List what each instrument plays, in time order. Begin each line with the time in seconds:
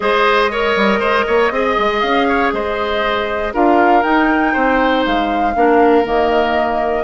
0.00 bassoon G#3, clarinet G#4, oboe C5, flute D#5
0.51 clarinet A#4, oboe C#5
0.75 bassoon G3
0.98 bassoon G#3, oboe C5
1.27 bassoon A#3, oboe C#5
1.50 bassoon C4, clarinet G#4, oboe D#5
1.78 bassoon G#3
2.00 bassoon C#4, flute F5
2.27 oboe C#5
2.52 bassoon G#3, oboe C5, flute D#5
3.53 bassoon D4, clarinet F4, oboe A#4, flute F5
4.02 clarinet D#4, bassoon D#4, flute G5
4.52 bassoon C4, oboe C5
5.05 bassoon G#3, flute F5
5.55 bassoon A#3, clarinet D4, oboe A#4
6.04 bassoon D#3, clarinet A#3, flute D#5